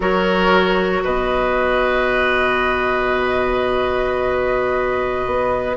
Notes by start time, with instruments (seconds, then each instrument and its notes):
0.00 bassoon F#3, clarinet F#4, oboe A#4, flute C#5
1.04 bassoon B2, oboe B4, flute D#5
5.26 bassoon B3